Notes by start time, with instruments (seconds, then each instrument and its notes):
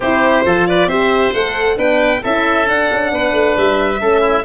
0.00 tuba C4, horn E4, oboe G4, violin C5
0.45 tuba F3, horn F4, oboe A4
0.67 oboe B4, violin D5
0.86 tuba C4, horn G4, oboe C5, violin E5
1.33 tuba A3, horn A4, violin F#5
1.76 tuba B3, horn D4, oboe B4, violin G5
2.22 tuba C#4, horn E4, oboe A4, violin E5
2.65 horn D4, tuba D4, violin F#5
2.91 tuba C#4
3.11 tuba B3, oboe B4
3.32 tuba A3
3.56 tuba G3, violin E5
3.99 tuba A3, horn C#4, oboe A4
4.20 oboe E4